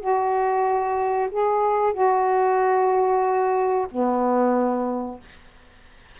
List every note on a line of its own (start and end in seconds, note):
0.00 1.29 F#4
1.30 1.93 G#4
1.93 3.87 F#4
3.91 5.20 B3